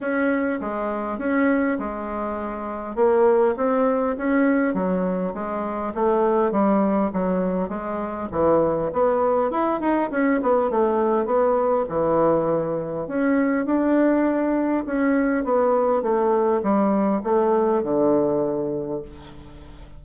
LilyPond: \new Staff \with { instrumentName = "bassoon" } { \time 4/4 \tempo 4 = 101 cis'4 gis4 cis'4 gis4~ | gis4 ais4 c'4 cis'4 | fis4 gis4 a4 g4 | fis4 gis4 e4 b4 |
e'8 dis'8 cis'8 b8 a4 b4 | e2 cis'4 d'4~ | d'4 cis'4 b4 a4 | g4 a4 d2 | }